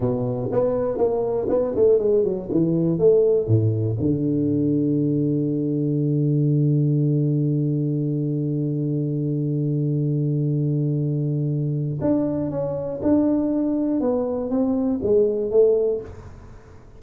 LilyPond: \new Staff \with { instrumentName = "tuba" } { \time 4/4 \tempo 4 = 120 b,4 b4 ais4 b8 a8 | gis8 fis8 e4 a4 a,4 | d1~ | d1~ |
d1~ | d1 | d'4 cis'4 d'2 | b4 c'4 gis4 a4 | }